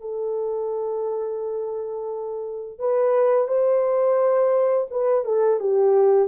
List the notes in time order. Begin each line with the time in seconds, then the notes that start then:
0.00 A4
2.79 B4
3.47 C5
4.90 B4
5.25 A4
5.59 G4